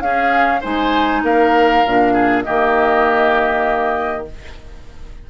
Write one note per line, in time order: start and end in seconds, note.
0.00 0.61 C#4
0.00 0.63 C#4
0.00 0.61 G#4
0.00 0.61 F5
0.61 1.23 G#3
0.61 1.84 D#4
0.61 1.21 C5
0.61 1.24 G#5
1.23 1.83 A#3
1.23 2.13 A#4
1.23 2.43 F5
1.86 2.46 A#2
1.86 2.45 D4
2.13 2.44 G#4
2.43 4.30 D#3
2.43 4.26 A#3
2.43 4.27 G4
2.43 4.25 D#5